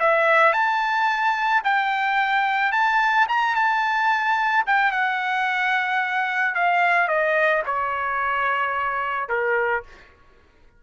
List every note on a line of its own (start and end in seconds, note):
0.00 0.53 E5
0.53 1.62 A5
1.64 2.72 G5
2.72 3.27 A5
3.29 3.56 A#5
3.56 4.65 A5
4.67 4.92 G5
4.92 6.55 F#5
6.55 7.08 F5
7.08 7.63 D#5
7.66 9.29 C#5
9.29 9.84 A#4